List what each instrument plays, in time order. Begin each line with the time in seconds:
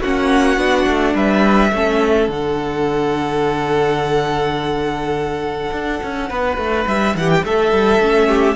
0.00 cello A#3, viola C#4, violin F#4 F#5
0.57 cello B3, viola D4
0.87 cello A3
1.15 cello G3, violin B4 E5
1.73 cello A3, viola C#4, violin A4
2.28 cello D3, viola D4, violin F#5
5.72 cello D4
6.03 cello C#4
6.30 cello B3, violin B4
6.57 cello A3
6.87 cello G3, violin E5
7.15 cello E3, violin G4 F#5
7.30 violin G5
7.44 cello A3, violin A4 E5
7.72 cello G3
8.00 cello A3, viola C#4
8.28 violin G4